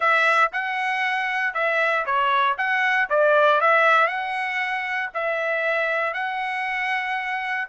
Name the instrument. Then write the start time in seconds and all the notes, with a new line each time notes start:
trumpet
0.00 E5
0.52 F#5
1.54 E5
2.05 C#5
2.57 F#5
3.09 D5
3.60 E5
4.07 F#5
5.14 E5
6.13 F#5